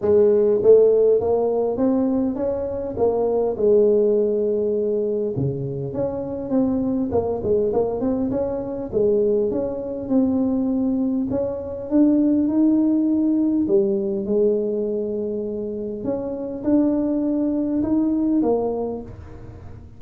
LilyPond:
\new Staff \with { instrumentName = "tuba" } { \time 4/4 \tempo 4 = 101 gis4 a4 ais4 c'4 | cis'4 ais4 gis2~ | gis4 cis4 cis'4 c'4 | ais8 gis8 ais8 c'8 cis'4 gis4 |
cis'4 c'2 cis'4 | d'4 dis'2 g4 | gis2. cis'4 | d'2 dis'4 ais4 | }